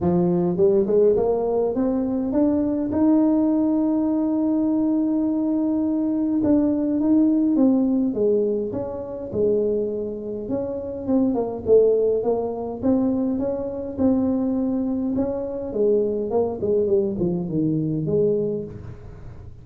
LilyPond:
\new Staff \with { instrumentName = "tuba" } { \time 4/4 \tempo 4 = 103 f4 g8 gis8 ais4 c'4 | d'4 dis'2.~ | dis'2. d'4 | dis'4 c'4 gis4 cis'4 |
gis2 cis'4 c'8 ais8 | a4 ais4 c'4 cis'4 | c'2 cis'4 gis4 | ais8 gis8 g8 f8 dis4 gis4 | }